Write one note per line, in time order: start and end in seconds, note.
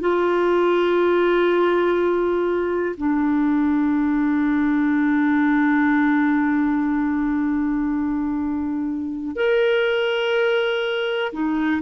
0.00 2.95 F4
2.97 9.35 D4
9.35 11.32 A#4
11.32 11.82 D#4